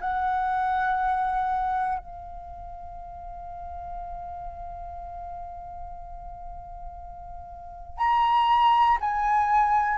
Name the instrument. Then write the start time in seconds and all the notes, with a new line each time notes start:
flute
0.00 F#5
1.99 F5
7.98 A#5
9.00 G#5